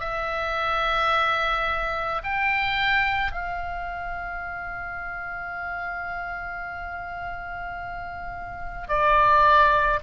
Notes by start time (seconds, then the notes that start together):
0.00 E5
2.23 G5
3.32 F5
8.88 D5